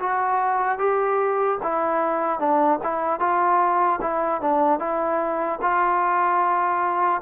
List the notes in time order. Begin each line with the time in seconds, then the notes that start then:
0.00 F#4
0.79 G4
1.63 E4
2.40 D4
2.83 E4
3.20 F4
4.01 E4
4.41 D4
4.80 E4
5.62 F4